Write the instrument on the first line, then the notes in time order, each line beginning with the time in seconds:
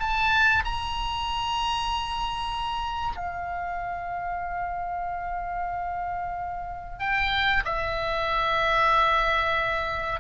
oboe
0.00 A5
0.65 A#5
3.17 F5
7.00 G5
7.65 E5